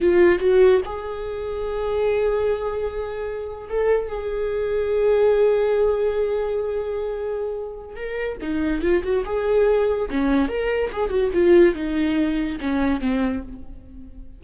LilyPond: \new Staff \with { instrumentName = "viola" } { \time 4/4 \tempo 4 = 143 f'4 fis'4 gis'2~ | gis'1~ | gis'8. a'4 gis'2~ gis'16~ | gis'1~ |
gis'2. ais'4 | dis'4 f'8 fis'8 gis'2 | cis'4 ais'4 gis'8 fis'8 f'4 | dis'2 cis'4 c'4 | }